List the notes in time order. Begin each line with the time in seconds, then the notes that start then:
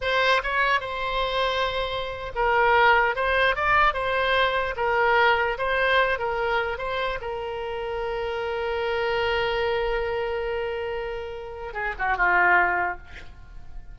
0.01 C5
0.43 C#5
0.80 C5
2.35 A#4
3.15 C5
3.55 D5
3.93 C5
4.76 A#4
5.58 C5
6.19 A#4
6.78 C5
7.21 A#4
11.73 G#4
11.98 F#4
12.17 F4